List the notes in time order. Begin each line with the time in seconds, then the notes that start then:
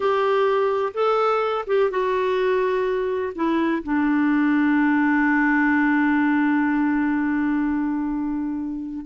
0.00 G4
0.94 A4
1.67 G4
1.90 F#4
3.35 E4
3.83 D4